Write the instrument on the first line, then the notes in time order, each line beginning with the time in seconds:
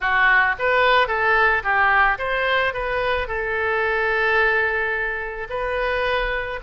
oboe
0.00 F#4
0.59 B4
1.07 A4
1.63 G4
2.18 C5
2.73 B4
3.27 A4
5.49 B4